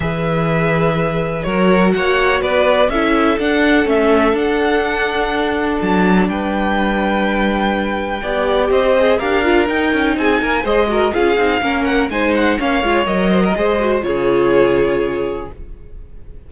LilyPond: <<
  \new Staff \with { instrumentName = "violin" } { \time 4/4 \tempo 4 = 124 e''2. cis''4 | fis''4 d''4 e''4 fis''4 | e''4 fis''2. | a''4 g''2.~ |
g''2 dis''4 f''4 | g''4 gis''4 dis''4 f''4~ | f''8 fis''8 gis''8 fis''8 f''4 dis''4~ | dis''4 cis''2. | }
  \new Staff \with { instrumentName = "violin" } { \time 4/4 b'2. ais'4 | cis''4 b'4 a'2~ | a'1~ | a'4 b'2.~ |
b'4 d''4 c''4 ais'4~ | ais'4 gis'8 ais'8 c''8 ais'8 gis'4 | ais'4 c''4 cis''4. c''16 ais'16 | c''4 gis'2. | }
  \new Staff \with { instrumentName = "viola" } { \time 4/4 gis'2. fis'4~ | fis'2 e'4 d'4 | cis'4 d'2.~ | d'1~ |
d'4 g'4. gis'8 g'8 f'8 | dis'2 gis'8 fis'8 f'8 dis'8 | cis'4 dis'4 cis'8 f'8 ais'4 | gis'8 fis'8 f'2. | }
  \new Staff \with { instrumentName = "cello" } { \time 4/4 e2. fis4 | ais4 b4 cis'4 d'4 | a4 d'2. | fis4 g2.~ |
g4 b4 c'4 d'4 | dis'8 cis'8 c'8 ais8 gis4 cis'8 c'8 | ais4 gis4 ais8 gis8 fis4 | gis4 cis2. | }
>>